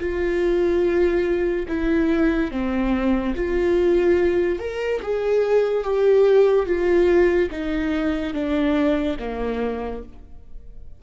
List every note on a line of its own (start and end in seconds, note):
0.00 1.67 F4
1.68 2.52 E4
2.52 3.35 C4
3.36 4.60 F4
4.60 5.02 A#4
5.02 5.84 G#4
5.84 6.66 G4
6.66 7.50 F4
7.52 8.34 D#4
8.34 9.17 D4
9.20 10.03 A#3